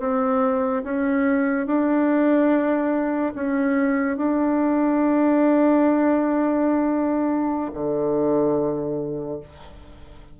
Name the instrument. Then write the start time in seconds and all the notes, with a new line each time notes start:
bassoon
0.00 C4
0.84 C#4
1.67 D4
3.35 C#4
4.17 D4
7.73 D3